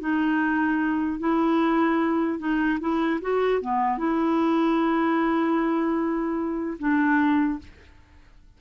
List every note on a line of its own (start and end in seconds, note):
0.00 1.19 D#4
1.19 2.39 E4
2.39 2.79 D#4
2.80 3.20 E4
3.21 3.61 F#4
3.61 3.98 B3
3.98 6.78 E4
6.79 7.59 D4